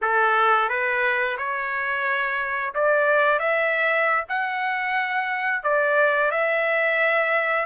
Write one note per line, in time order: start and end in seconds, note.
0.01 0.69 A4
0.69 1.37 B4
1.37 2.74 C#5
2.74 3.39 D5
3.39 4.24 E5
4.28 5.62 F#5
5.62 6.31 D5
6.31 7.65 E5